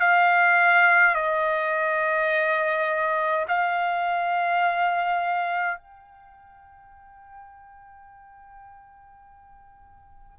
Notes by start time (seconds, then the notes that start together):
0.00 F5
1.15 D#5
3.48 F5
5.77 G5